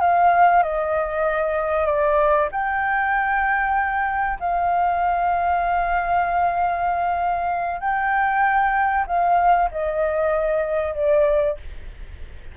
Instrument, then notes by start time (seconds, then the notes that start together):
flute
0.00 F5
0.62 D#5
1.86 D5
2.51 G5
4.39 F5
7.80 G5
9.07 F5
9.71 D#5
10.94 D5